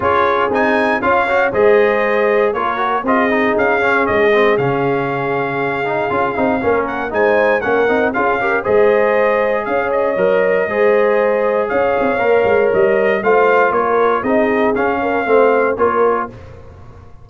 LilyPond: <<
  \new Staff \with { instrumentName = "trumpet" } { \time 4/4 \tempo 4 = 118 cis''4 gis''4 f''4 dis''4~ | dis''4 cis''4 dis''4 f''4 | dis''4 f''2.~ | f''4. fis''8 gis''4 fis''4 |
f''4 dis''2 f''8 dis''8~ | dis''2. f''4~ | f''4 dis''4 f''4 cis''4 | dis''4 f''2 cis''4 | }
  \new Staff \with { instrumentName = "horn" } { \time 4/4 gis'2 cis''4 c''4~ | c''4 ais'4 gis'2~ | gis'1~ | gis'4 ais'4 c''4 ais'4 |
gis'8 ais'8 c''2 cis''4~ | cis''4 c''2 cis''4~ | cis''2 c''4 ais'4 | gis'4. ais'8 c''4 ais'4 | }
  \new Staff \with { instrumentName = "trombone" } { \time 4/4 f'4 dis'4 f'8 fis'8 gis'4~ | gis'4 f'8 fis'8 f'8 dis'4 cis'8~ | cis'8 c'8 cis'2~ cis'8 dis'8 | f'8 dis'8 cis'4 dis'4 cis'8 dis'8 |
f'8 g'8 gis'2. | ais'4 gis'2. | ais'2 f'2 | dis'4 cis'4 c'4 f'4 | }
  \new Staff \with { instrumentName = "tuba" } { \time 4/4 cis'4 c'4 cis'4 gis4~ | gis4 ais4 c'4 cis'4 | gis4 cis2. | cis'8 c'8 ais4 gis4 ais8 c'8 |
cis'4 gis2 cis'4 | fis4 gis2 cis'8 c'8 | ais8 gis8 g4 a4 ais4 | c'4 cis'4 a4 ais4 | }
>>